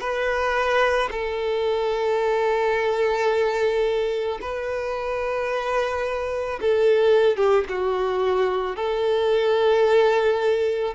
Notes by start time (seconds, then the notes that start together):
0.00 B4
1.11 A4
4.41 B4
6.61 A4
7.37 G4
7.69 F#4
8.76 A4